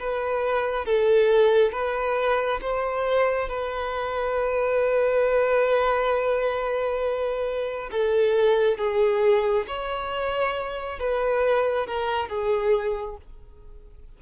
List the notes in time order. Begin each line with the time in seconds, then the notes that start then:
0.00 B4
0.85 A4
1.72 B4
2.61 C5
3.49 B4
7.91 A4
8.78 G#4
9.68 C#5
11.00 B4
11.87 A#4
12.29 G#4